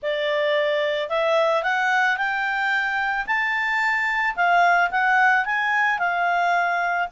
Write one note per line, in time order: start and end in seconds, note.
0.02 1.09 D5
1.09 1.63 E5
1.63 2.17 F#5
2.17 3.26 G5
3.26 4.35 A5
4.36 4.90 F5
4.90 5.45 F#5
5.45 5.99 G#5
5.99 7.08 F5